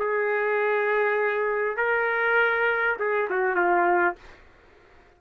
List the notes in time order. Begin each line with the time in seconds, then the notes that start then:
0.00 G#4
1.77 A#4
3.00 G#4
3.31 F#4
3.56 F4